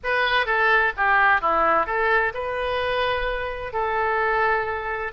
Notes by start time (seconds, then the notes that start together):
0.03 B4
0.46 A4
0.96 G4
1.41 E4
1.86 A4
2.33 B4
3.73 A4